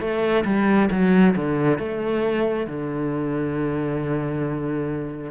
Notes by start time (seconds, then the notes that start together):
0.00 A3
0.45 G3
0.91 F#3
1.36 D3
1.78 A3
2.67 D3